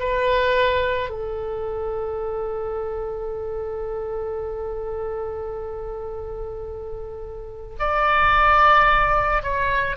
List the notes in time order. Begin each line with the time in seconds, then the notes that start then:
0.00 B4
1.10 A4
7.80 D5
9.43 C#5